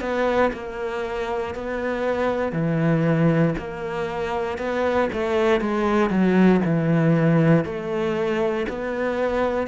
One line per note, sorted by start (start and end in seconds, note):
0.00 0.51 B3
0.53 1.54 A#3
1.54 2.52 B3
2.52 3.54 E3
3.58 4.58 A#3
4.58 5.08 B3
5.13 5.61 A3
5.61 6.10 G#3
6.10 6.61 F#3
6.65 7.64 E3
7.64 8.66 A3
8.68 9.67 B3